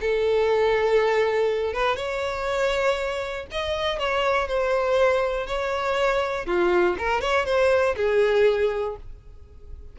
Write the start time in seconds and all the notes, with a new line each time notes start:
0.00 A4
1.73 B4
1.96 C#5
3.51 D#5
3.99 C#5
4.47 C5
5.46 C#5
6.46 F4
6.98 A#4
7.21 C#5
7.45 C5
7.96 G#4